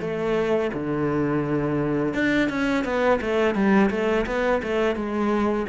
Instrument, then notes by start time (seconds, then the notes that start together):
cello
0.00 A3
0.73 D3
2.14 D4
2.49 C#4
2.84 B3
3.21 A3
3.54 G3
3.90 A3
4.26 B3
4.62 A3
4.95 G#3